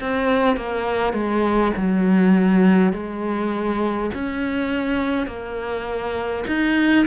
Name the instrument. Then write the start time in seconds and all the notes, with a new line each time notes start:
cello
0.00 C4
0.56 A#3
1.13 G#3
1.76 F#3
2.93 G#3
4.14 C#4
5.26 A#3
6.47 D#4